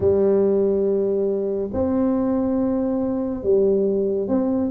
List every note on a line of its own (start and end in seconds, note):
0.00 1.70 G3
1.73 3.43 C4
3.43 4.27 G3
4.27 4.70 C4